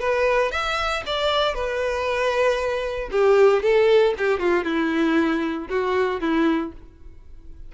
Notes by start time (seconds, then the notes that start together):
0.00 B4
0.52 E5
1.07 D5
1.55 B4
3.12 G4
3.63 A4
4.18 G4
4.40 F4
4.65 E4
5.70 F#4
6.21 E4